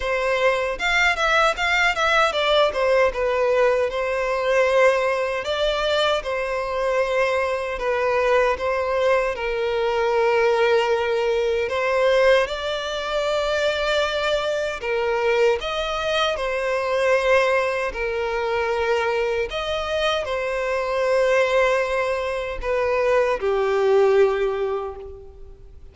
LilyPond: \new Staff \with { instrumentName = "violin" } { \time 4/4 \tempo 4 = 77 c''4 f''8 e''8 f''8 e''8 d''8 c''8 | b'4 c''2 d''4 | c''2 b'4 c''4 | ais'2. c''4 |
d''2. ais'4 | dis''4 c''2 ais'4~ | ais'4 dis''4 c''2~ | c''4 b'4 g'2 | }